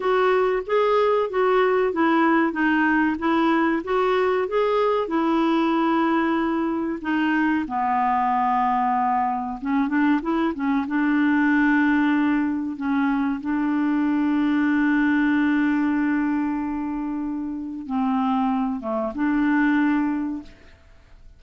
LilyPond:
\new Staff \with { instrumentName = "clarinet" } { \time 4/4 \tempo 4 = 94 fis'4 gis'4 fis'4 e'4 | dis'4 e'4 fis'4 gis'4 | e'2. dis'4 | b2. cis'8 d'8 |
e'8 cis'8 d'2. | cis'4 d'2.~ | d'1 | c'4. a8 d'2 | }